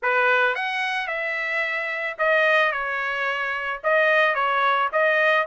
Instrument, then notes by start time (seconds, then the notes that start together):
trumpet
0.02 B4
0.55 F#5
1.07 E5
2.18 D#5
2.71 C#5
3.83 D#5
4.34 C#5
4.92 D#5